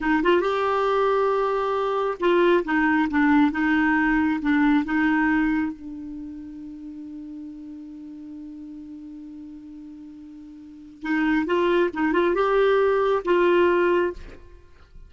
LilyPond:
\new Staff \with { instrumentName = "clarinet" } { \time 4/4 \tempo 4 = 136 dis'8 f'8 g'2.~ | g'4 f'4 dis'4 d'4 | dis'2 d'4 dis'4~ | dis'4 d'2.~ |
d'1~ | d'1~ | d'4 dis'4 f'4 dis'8 f'8 | g'2 f'2 | }